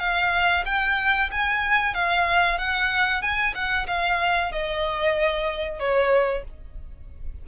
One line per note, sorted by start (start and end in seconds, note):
0.00 0.65 F5
0.66 1.30 G5
1.32 1.94 G#5
1.94 2.59 F5
2.59 3.22 F#5
3.22 3.55 G#5
3.55 3.87 F#5
3.88 4.52 F5
4.52 5.80 D#5
5.80 6.44 C#5